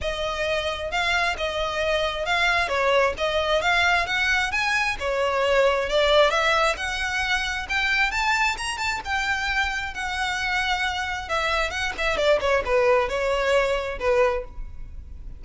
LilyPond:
\new Staff \with { instrumentName = "violin" } { \time 4/4 \tempo 4 = 133 dis''2 f''4 dis''4~ | dis''4 f''4 cis''4 dis''4 | f''4 fis''4 gis''4 cis''4~ | cis''4 d''4 e''4 fis''4~ |
fis''4 g''4 a''4 ais''8 a''8 | g''2 fis''2~ | fis''4 e''4 fis''8 e''8 d''8 cis''8 | b'4 cis''2 b'4 | }